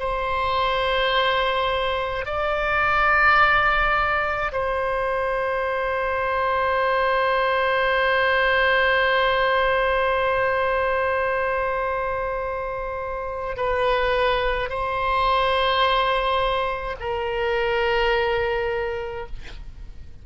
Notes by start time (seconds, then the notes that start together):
0.00 C5
2.26 D5
4.53 C5
13.57 B4
14.70 C5
17.00 A#4